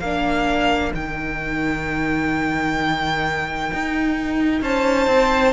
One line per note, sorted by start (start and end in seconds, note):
0.00 0.92 A#3
0.00 0.93 D4
0.00 4.62 A#4
0.00 0.92 F5
0.93 3.72 D#3
0.93 5.53 D#4
0.93 4.63 G5
3.73 4.62 D#4
4.62 5.07 C#4
4.62 5.53 C5
4.62 5.53 A5
5.07 5.53 C4